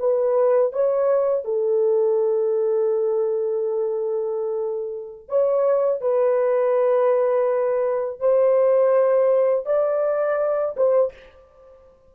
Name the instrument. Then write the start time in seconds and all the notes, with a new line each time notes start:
horn
0.00 B4
0.73 C#5
1.45 A4
5.29 C#5
6.01 B4
8.20 C5
9.66 D5
10.77 C5